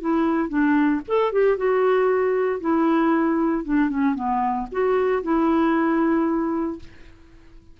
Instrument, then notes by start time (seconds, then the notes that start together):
clarinet
0.00 E4
0.49 D4
1.07 A4
1.32 G4
1.57 F#4
2.60 E4
3.65 D4
3.89 C#4
4.15 B3
4.72 F#4
5.22 E4